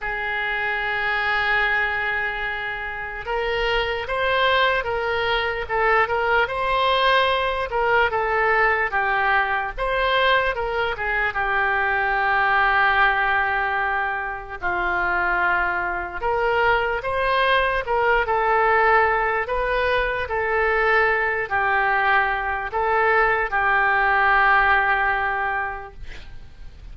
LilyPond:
\new Staff \with { instrumentName = "oboe" } { \time 4/4 \tempo 4 = 74 gis'1 | ais'4 c''4 ais'4 a'8 ais'8 | c''4. ais'8 a'4 g'4 | c''4 ais'8 gis'8 g'2~ |
g'2 f'2 | ais'4 c''4 ais'8 a'4. | b'4 a'4. g'4. | a'4 g'2. | }